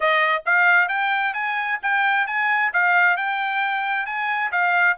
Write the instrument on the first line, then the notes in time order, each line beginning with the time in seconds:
trumpet
0.00 D#5
0.45 F5
0.88 G5
1.33 G#5
1.82 G5
2.26 G#5
2.73 F5
3.17 G5
4.05 G#5
4.51 F5